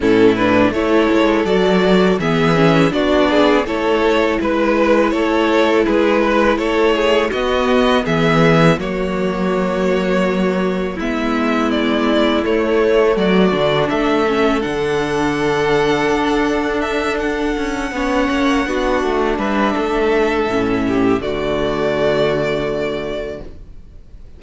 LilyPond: <<
  \new Staff \with { instrumentName = "violin" } { \time 4/4 \tempo 4 = 82 a'8 b'8 cis''4 d''4 e''4 | d''4 cis''4 b'4 cis''4 | b'4 cis''4 dis''4 e''4 | cis''2. e''4 |
d''4 cis''4 d''4 e''4 | fis''2. e''8 fis''8~ | fis''2~ fis''8 e''4.~ | e''4 d''2. | }
  \new Staff \with { instrumentName = "violin" } { \time 4/4 e'4 a'2 gis'4 | fis'8 gis'8 a'4 b'4 a'4 | gis'8 b'8 a'8 gis'8 fis'4 gis'4 | fis'2. e'4~ |
e'2 fis'4 a'4~ | a'1~ | a'8 cis''4 fis'4 b'8 a'4~ | a'8 g'8 fis'2. | }
  \new Staff \with { instrumentName = "viola" } { \time 4/4 cis'8 d'8 e'4 fis'4 b8 cis'8 | d'4 e'2.~ | e'2 b2 | ais2. b4~ |
b4 a4. d'4 cis'8 | d'1~ | d'8 cis'4 d'2~ d'8 | cis'4 a2. | }
  \new Staff \with { instrumentName = "cello" } { \time 4/4 a,4 a8 gis8 fis4 e4 | b4 a4 gis4 a4 | gis4 a4 b4 e4 | fis2. gis4~ |
gis4 a4 fis8 d8 a4 | d2 d'2 | cis'8 b8 ais8 b8 a8 g8 a4 | a,4 d2. | }
>>